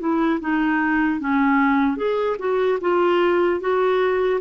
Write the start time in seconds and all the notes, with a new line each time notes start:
0.00 E4
0.41 D#4
1.20 C#4
1.97 G#4
2.39 F#4
2.81 F4
3.61 F#4